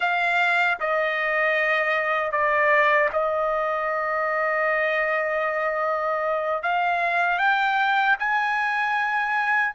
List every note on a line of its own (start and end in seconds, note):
0.00 0.78 F5
0.80 2.31 D#5
2.31 3.09 D5
3.12 6.62 D#5
6.62 7.38 F5
7.38 8.16 G5
8.19 9.74 G#5